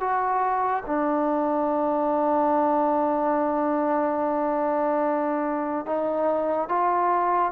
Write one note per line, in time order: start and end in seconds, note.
0.00 0.83 F#4
0.86 5.86 D4
5.86 6.69 D#4
6.69 7.52 F4